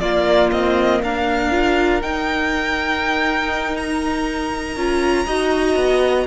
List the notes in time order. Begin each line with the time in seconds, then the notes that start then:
0.00 A#3 F4 D5
0.52 C4 D#5
1.02 D4 A#4 F5
1.52 F4
2.02 D#4 G5
3.77 A#5
4.76 C#4 F4
5.26 D#4 F#4 D#5
5.76 B3